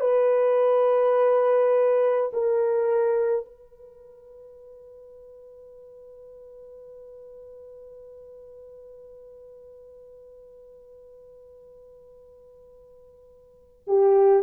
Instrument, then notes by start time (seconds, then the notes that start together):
horn
0.00 B4
2.33 A#4
3.45 B4
13.87 G4